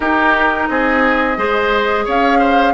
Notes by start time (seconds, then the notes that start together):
0.00 D#4 G4 A#4
0.68 C4 G#4 D#5
1.36 G#3 G#4 C5
2.05 C#4 C#5 F5
2.38 C5